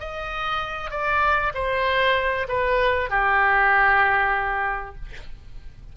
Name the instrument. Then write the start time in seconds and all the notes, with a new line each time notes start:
oboe
0.00 D#5
0.91 D5
1.54 C5
2.48 B4
3.10 G4